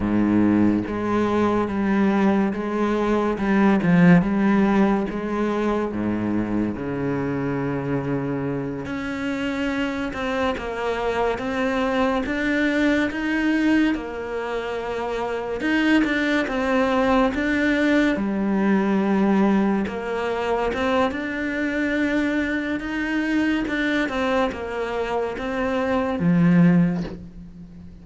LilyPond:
\new Staff \with { instrumentName = "cello" } { \time 4/4 \tempo 4 = 71 gis,4 gis4 g4 gis4 | g8 f8 g4 gis4 gis,4 | cis2~ cis8 cis'4. | c'8 ais4 c'4 d'4 dis'8~ |
dis'8 ais2 dis'8 d'8 c'8~ | c'8 d'4 g2 ais8~ | ais8 c'8 d'2 dis'4 | d'8 c'8 ais4 c'4 f4 | }